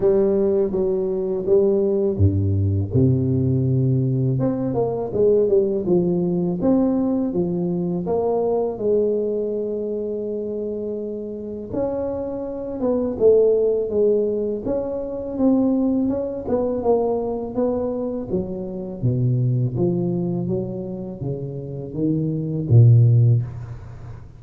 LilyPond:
\new Staff \with { instrumentName = "tuba" } { \time 4/4 \tempo 4 = 82 g4 fis4 g4 g,4 | c2 c'8 ais8 gis8 g8 | f4 c'4 f4 ais4 | gis1 |
cis'4. b8 a4 gis4 | cis'4 c'4 cis'8 b8 ais4 | b4 fis4 b,4 f4 | fis4 cis4 dis4 ais,4 | }